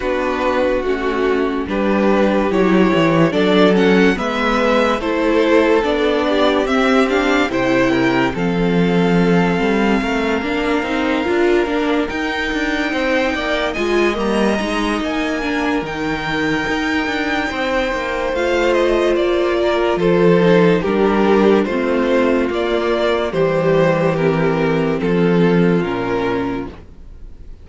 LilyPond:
<<
  \new Staff \with { instrumentName = "violin" } { \time 4/4 \tempo 4 = 72 b'4 fis'4 b'4 cis''4 | d''8 fis''8 e''4 c''4 d''4 | e''8 f''8 g''4 f''2~ | f''2~ f''8 g''4.~ |
g''8 gis''8 ais''4 gis''4 g''4~ | g''2 f''8 dis''8 d''4 | c''4 ais'4 c''4 d''4 | c''4 ais'4 a'4 ais'4 | }
  \new Staff \with { instrumentName = "violin" } { \time 4/4 fis'2 g'2 | a'4 b'4 a'4. g'8~ | g'4 c''8 ais'8 a'2 | ais'2.~ ais'8 c''8 |
d''8 dis''2 ais'4.~ | ais'4 c''2~ c''8 ais'8 | a'4 g'4 f'2 | g'2 f'2 | }
  \new Staff \with { instrumentName = "viola" } { \time 4/4 d'4 cis'4 d'4 e'4 | d'8 cis'8 b4 e'4 d'4 | c'8 d'8 e'4 c'2~ | c'8 d'8 dis'8 f'8 d'8 dis'4.~ |
dis'8 f'8 ais8 dis'4 d'8 dis'4~ | dis'2 f'2~ | f'8 dis'8 d'4 c'4 ais4 | g4 c'2 cis'4 | }
  \new Staff \with { instrumentName = "cello" } { \time 4/4 b4 a4 g4 fis8 e8 | fis4 gis4 a4 b4 | c'4 c4 f4. g8 | a8 ais8 c'8 d'8 ais8 dis'8 d'8 c'8 |
ais8 gis8 g8 gis8 ais4 dis4 | dis'8 d'8 c'8 ais8 a4 ais4 | f4 g4 a4 ais4 | e2 f4 ais,4 | }
>>